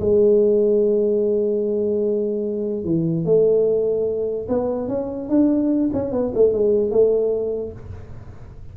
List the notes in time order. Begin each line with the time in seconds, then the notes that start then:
0.00 G#3
2.84 E3
3.25 A3
4.49 B3
4.88 C#4
5.29 D4
5.93 C#4
6.12 B3
6.34 A3
6.53 G#3
6.90 A3